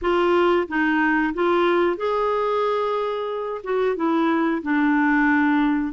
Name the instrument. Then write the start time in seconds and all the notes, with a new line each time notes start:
clarinet
0.01 F4
0.67 D#4
1.34 F4
1.96 G#4
3.63 F#4
3.96 E4
4.62 D4